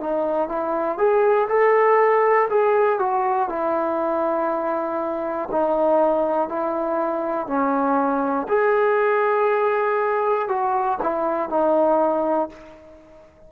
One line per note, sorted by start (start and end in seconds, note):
0.00 0.49 D#4
0.49 0.98 E4
0.98 1.48 G#4
1.49 2.49 A4
2.50 2.99 G#4
2.99 3.49 F#4
3.49 5.49 E4
5.52 6.49 D#4
6.49 7.47 E4
7.47 8.47 C#4
8.49 10.48 G#4
10.48 10.98 F#4
11.03 11.50 E4
11.50 12.50 D#4